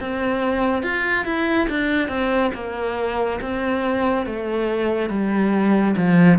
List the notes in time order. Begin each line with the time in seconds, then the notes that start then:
0.00 C4
0.83 F4
1.25 E4
1.69 D4
2.08 C4
2.54 A#3
3.41 C4
4.26 A3
5.09 G3
5.96 F3